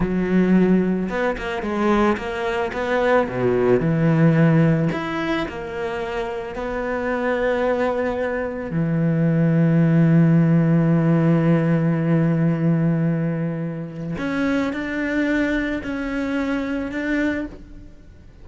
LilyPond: \new Staff \with { instrumentName = "cello" } { \time 4/4 \tempo 4 = 110 fis2 b8 ais8 gis4 | ais4 b4 b,4 e4~ | e4 e'4 ais2 | b1 |
e1~ | e1~ | e2 cis'4 d'4~ | d'4 cis'2 d'4 | }